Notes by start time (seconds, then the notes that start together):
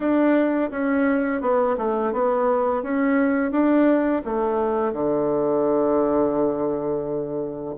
0.00 D4
0.71 C#4
1.41 B3
1.77 A3
2.12 B3
2.82 C#4
3.51 D4
4.24 A3
4.92 D3